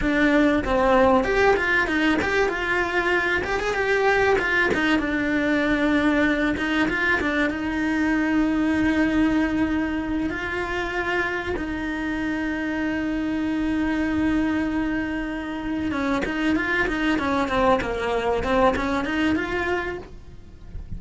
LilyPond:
\new Staff \with { instrumentName = "cello" } { \time 4/4 \tempo 4 = 96 d'4 c'4 g'8 f'8 dis'8 g'8 | f'4. g'16 gis'16 g'4 f'8 dis'8 | d'2~ d'8 dis'8 f'8 d'8 | dis'1~ |
dis'8 f'2 dis'4.~ | dis'1~ | dis'4. cis'8 dis'8 f'8 dis'8 cis'8 | c'8 ais4 c'8 cis'8 dis'8 f'4 | }